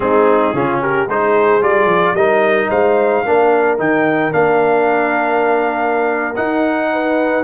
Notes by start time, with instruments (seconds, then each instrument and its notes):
0.00 tuba G#3, trombone C4, horn D#4, trumpet G#4
0.53 tuba C#3, trombone C#4, horn F4
0.81 horn G4, trumpet A#4
1.07 tuba G#3, trombone D#4, horn G#4, trumpet C5
1.61 tuba G3, trombone F4, trumpet D5
1.85 tuba F3
2.13 tuba G3, trombone D#4, horn A#4, trumpet D#5
2.69 tuba G#3, horn C5, trumpet F5
3.26 tuba A#3, trombone D4, horn A#4
3.78 tuba D#3, trombone D#4, trumpet G5
4.31 tuba A#3, trombone D4, trumpet F5
6.35 trombone D#4, tuba D#4, trumpet F#5
6.92 horn B4